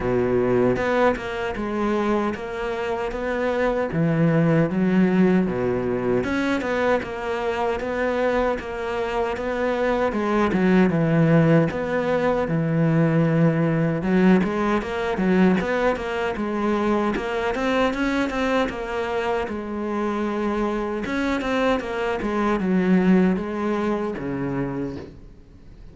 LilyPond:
\new Staff \with { instrumentName = "cello" } { \time 4/4 \tempo 4 = 77 b,4 b8 ais8 gis4 ais4 | b4 e4 fis4 b,4 | cis'8 b8 ais4 b4 ais4 | b4 gis8 fis8 e4 b4 |
e2 fis8 gis8 ais8 fis8 | b8 ais8 gis4 ais8 c'8 cis'8 c'8 | ais4 gis2 cis'8 c'8 | ais8 gis8 fis4 gis4 cis4 | }